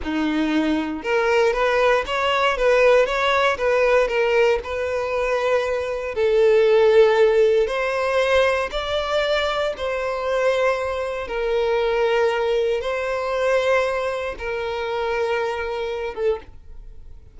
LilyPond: \new Staff \with { instrumentName = "violin" } { \time 4/4 \tempo 4 = 117 dis'2 ais'4 b'4 | cis''4 b'4 cis''4 b'4 | ais'4 b'2. | a'2. c''4~ |
c''4 d''2 c''4~ | c''2 ais'2~ | ais'4 c''2. | ais'2.~ ais'8 a'8 | }